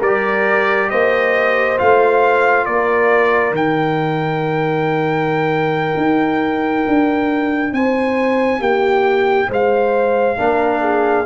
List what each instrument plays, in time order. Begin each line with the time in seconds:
0.00 tuba G3, horn A#4, trumpet D5
0.07 trombone G4
0.90 tuba A#3, horn C5, trumpet D#5
1.78 tuba A3, trombone F4, trumpet F5
2.66 tuba A#3, horn A#4, trumpet D5
3.52 tuba D#3, trombone D#4, trumpet G5
5.97 tuba D#4
6.88 tuba D4
7.73 tuba C4, horn C5, trumpet G#5
8.60 tuba A#3, horn G4, trumpet G5
9.49 tuba G#3, horn C5, trumpet F5
10.38 tuba A#3, trombone D4, horn A#4
10.82 horn G#4